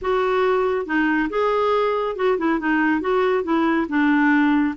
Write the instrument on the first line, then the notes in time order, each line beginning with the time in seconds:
clarinet
0.01 F#4
0.85 D#4
1.29 G#4
2.16 F#4
2.38 E4
2.59 D#4
3.00 F#4
3.43 E4
3.88 D4